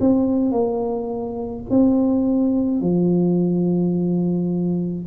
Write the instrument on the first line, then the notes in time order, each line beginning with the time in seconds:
tuba
0.00 C4
0.51 A#3
1.70 C4
2.80 F3